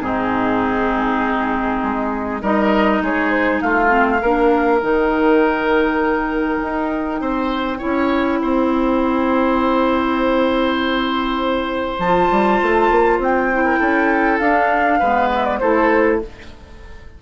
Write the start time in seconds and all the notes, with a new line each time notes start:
0.00 G#2 C4 D#4 G#4
1.83 G#3
2.42 G3 D#4 A#4 D#5
3.01 G#3 G#4 C#5
3.31 C5
3.61 A3 F4 F5
3.88 C4
4.21 A#3 D4 A#4
4.80 D#3 D#4 G5
6.62 D#4
7.21 C4 C5
7.78 E4 C#5
7.84 C#4
8.42 C4 C5
11.99 F3 F4 A5
12.30 G3
12.62 A3
12.90 A#3
13.18 C4 G5
13.53 E4
13.65 A#4
13.79 C#4 A4
14.39 D4 F5
14.99 G#3 B3 B4
15.35 E5
15.45 D5
15.59 A3 E4 A4 C5